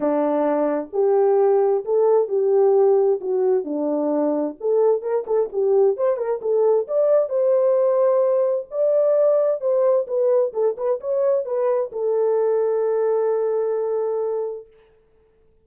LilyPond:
\new Staff \with { instrumentName = "horn" } { \time 4/4 \tempo 4 = 131 d'2 g'2 | a'4 g'2 fis'4 | d'2 a'4 ais'8 a'8 | g'4 c''8 ais'8 a'4 d''4 |
c''2. d''4~ | d''4 c''4 b'4 a'8 b'8 | cis''4 b'4 a'2~ | a'1 | }